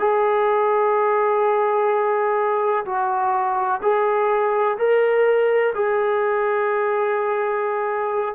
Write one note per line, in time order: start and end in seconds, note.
0.00 2.86 G#4
2.86 3.81 F#4
3.83 4.78 G#4
4.78 5.74 A#4
5.75 8.35 G#4